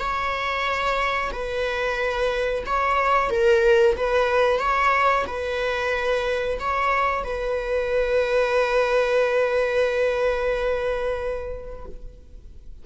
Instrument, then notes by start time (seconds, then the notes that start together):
viola
0.00 C#5
1.33 B4
2.66 C#5
3.31 A#4
3.97 B4
4.60 C#5
5.27 B4
6.60 C#5
7.24 B4